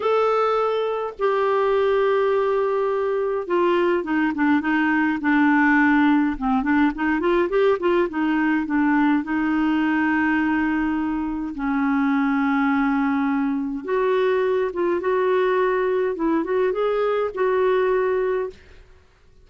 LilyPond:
\new Staff \with { instrumentName = "clarinet" } { \time 4/4 \tempo 4 = 104 a'2 g'2~ | g'2 f'4 dis'8 d'8 | dis'4 d'2 c'8 d'8 | dis'8 f'8 g'8 f'8 dis'4 d'4 |
dis'1 | cis'1 | fis'4. f'8 fis'2 | e'8 fis'8 gis'4 fis'2 | }